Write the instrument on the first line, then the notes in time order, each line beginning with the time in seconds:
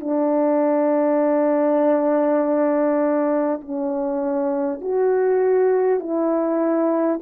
horn
0.00 D4
3.61 C#4
4.81 F#4
5.99 E4